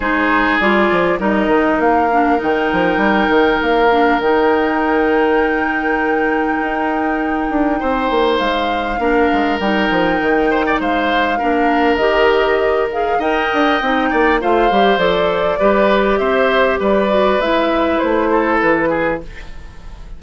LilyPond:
<<
  \new Staff \with { instrumentName = "flute" } { \time 4/4 \tempo 4 = 100 c''4 d''4 dis''4 f''4 | g''2 f''4 g''4~ | g''1~ | g''2 f''2 |
g''2 f''2 | dis''4. f''8 g''2 | f''4 d''2 e''4 | d''4 e''4 c''4 b'4 | }
  \new Staff \with { instrumentName = "oboe" } { \time 4/4 gis'2 ais'2~ | ais'1~ | ais'1~ | ais'4 c''2 ais'4~ |
ais'4. c''16 d''16 c''4 ais'4~ | ais'2 dis''4. d''8 | c''2 b'4 c''4 | b'2~ b'8 a'4 gis'8 | }
  \new Staff \with { instrumentName = "clarinet" } { \time 4/4 dis'4 f'4 dis'4. d'8 | dis'2~ dis'8 d'8 dis'4~ | dis'1~ | dis'2. d'4 |
dis'2. d'4 | g'4. gis'8 ais'4 dis'4 | f'8 g'8 a'4 g'2~ | g'8 fis'8 e'2. | }
  \new Staff \with { instrumentName = "bassoon" } { \time 4/4 gis4 g8 f8 g8 dis8 ais4 | dis8 f8 g8 dis8 ais4 dis4~ | dis2. dis'4~ | dis'8 d'8 c'8 ais8 gis4 ais8 gis8 |
g8 f8 dis4 gis4 ais4 | dis2 dis'8 d'8 c'8 ais8 | a8 g8 f4 g4 c'4 | g4 gis4 a4 e4 | }
>>